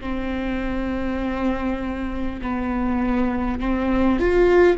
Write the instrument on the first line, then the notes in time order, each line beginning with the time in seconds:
viola
0.00 C4
2.41 B3
3.60 C4
4.19 F4